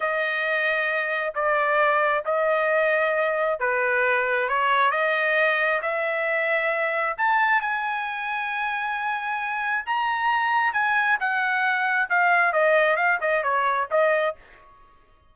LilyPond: \new Staff \with { instrumentName = "trumpet" } { \time 4/4 \tempo 4 = 134 dis''2. d''4~ | d''4 dis''2. | b'2 cis''4 dis''4~ | dis''4 e''2. |
a''4 gis''2.~ | gis''2 ais''2 | gis''4 fis''2 f''4 | dis''4 f''8 dis''8 cis''4 dis''4 | }